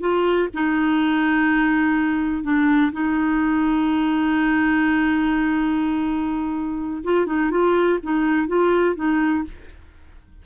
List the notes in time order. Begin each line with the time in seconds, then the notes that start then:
0.00 F4
0.53 D#4
2.43 D4
2.92 D#4
7.04 F4
7.26 D#4
7.50 F4
8.03 D#4
8.47 F4
8.95 D#4